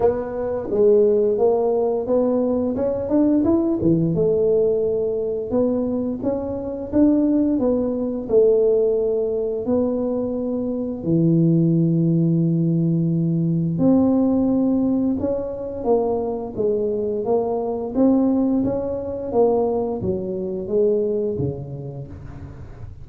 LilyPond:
\new Staff \with { instrumentName = "tuba" } { \time 4/4 \tempo 4 = 87 b4 gis4 ais4 b4 | cis'8 d'8 e'8 e8 a2 | b4 cis'4 d'4 b4 | a2 b2 |
e1 | c'2 cis'4 ais4 | gis4 ais4 c'4 cis'4 | ais4 fis4 gis4 cis4 | }